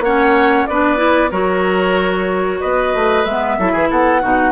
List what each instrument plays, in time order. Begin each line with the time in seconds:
0.00 bassoon A#3, clarinet C#4, oboe C#5, flute F#5
0.67 bassoon B3, clarinet D4, oboe B4, flute D5
0.97 clarinet E4
1.31 bassoon F#3, clarinet F#4, oboe A#4, flute C#5
2.61 bassoon B3, oboe B4, flute D#5
2.95 bassoon A3
3.25 bassoon G#3, clarinet B3, flute E5
3.59 bassoon F#3, clarinet E4, oboe A4
3.72 bassoon E3, oboe G#4
3.91 bassoon B3, oboe A4, flute F#5
4.22 bassoon B2, clarinet D#4, oboe F#4